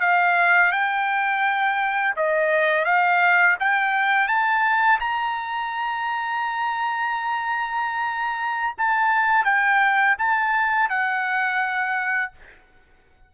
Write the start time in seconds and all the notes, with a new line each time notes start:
0.00 F5
0.71 G5
2.16 D#5
2.85 F5
3.59 G5
4.27 A5
5.00 A#5
8.78 A5
9.44 G5
10.18 A5
10.89 F#5